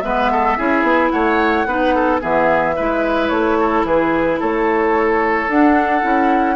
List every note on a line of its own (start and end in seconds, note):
0.00 0.57 G#3
0.00 0.57 B3
0.00 0.31 B4
0.00 1.09 E5
0.31 0.57 A4
0.57 0.82 C#4
0.57 1.66 E4
0.57 1.12 G#4
0.82 1.10 B3
1.10 1.66 A3
1.10 1.67 C#5
1.10 2.19 F#5
1.66 2.20 B3
1.66 2.20 D#4
1.66 1.95 B4
1.95 2.20 A4
2.20 2.77 E3
2.20 2.75 B3
2.20 2.75 G#4
2.20 3.28 E5
2.76 3.30 G#3
2.76 5.49 E4
2.76 3.57 B4
3.28 3.84 A3
3.28 3.83 C#5
3.59 3.86 A4
3.84 4.38 E3
3.84 4.39 G#4
3.84 4.40 B4
4.39 5.47 A3
4.39 6.56 A4
4.39 5.49 C#5
5.47 6.02 D4
5.47 6.01 D4
5.47 6.56 F#5
6.01 6.56 C#4
6.01 6.56 E4